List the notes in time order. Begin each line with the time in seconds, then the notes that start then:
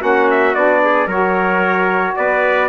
0.00 A#3 C#4 F#4 F#5
0.31 E5
0.55 B3 D4 D5
0.84 G#4
1.07 F#3 F#4 A#4 C#5
2.17 B3 B4 D5